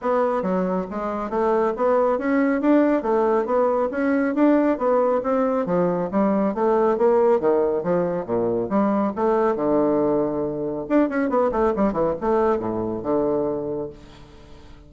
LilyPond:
\new Staff \with { instrumentName = "bassoon" } { \time 4/4 \tempo 4 = 138 b4 fis4 gis4 a4 | b4 cis'4 d'4 a4 | b4 cis'4 d'4 b4 | c'4 f4 g4 a4 |
ais4 dis4 f4 ais,4 | g4 a4 d2~ | d4 d'8 cis'8 b8 a8 g8 e8 | a4 a,4 d2 | }